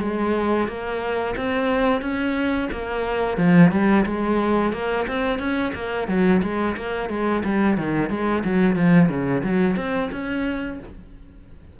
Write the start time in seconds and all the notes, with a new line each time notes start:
0.00 G#3
0.67 A#3
1.36 C4
2.01 C#4
2.71 A#3
3.37 F3
3.71 G3
4.05 G#3
4.72 A#3
5.07 C4
5.39 C#4
5.74 A#3
6.08 F#3
6.42 G#3
6.76 A#3
7.09 G#3
7.44 G3
7.77 D#3
8.09 G#3
8.44 F#3
8.75 F3
9.09 C#3
9.43 F#3
9.76 C4
10.12 C#4